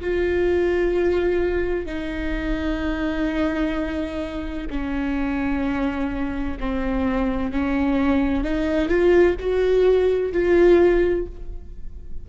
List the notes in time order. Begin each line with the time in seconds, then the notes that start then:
0.00 F4
1.85 D#4
4.70 C#4
6.59 C4
7.51 C#4
8.43 D#4
8.88 F4
9.39 F#4
10.32 F4